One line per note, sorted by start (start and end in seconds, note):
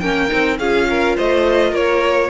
0.00 0.31 A#3
0.00 0.29 C#4
0.00 0.58 A#4
0.00 0.57 G5
0.29 0.60 C4
0.29 0.57 D#4
0.59 1.17 C#4
0.59 2.30 F4
0.59 0.88 G#4
0.59 1.16 F5
0.89 1.17 A#4
1.17 1.72 A3
1.17 1.70 C5
1.17 1.75 D#5
1.70 2.29 A#3
1.70 2.28 A#4
1.70 2.30 C#5